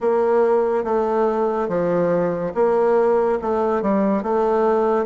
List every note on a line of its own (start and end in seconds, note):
0.00 0.83 A#3
0.83 1.68 A3
1.68 2.53 F3
2.54 3.38 A#3
3.41 3.81 A3
3.81 4.23 G3
4.23 5.05 A3